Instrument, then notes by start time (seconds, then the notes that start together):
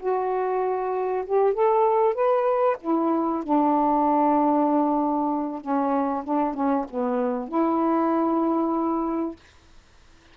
saxophone
0.00 F#4
1.26 G4
1.54 A4
2.15 B4
2.82 E4
3.44 D4
5.62 C#4
6.24 D4
6.55 C#4
6.90 B3
7.49 E4